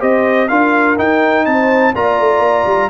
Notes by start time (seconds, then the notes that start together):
0.00 C4 G4 C5 D#5
0.48 D4 F4 A#4 F5
0.97 D#4 G5
1.46 C4 C5 A5
1.95 A#3 F4 D5 A#5
2.19 A3
2.39 A#3
2.66 G3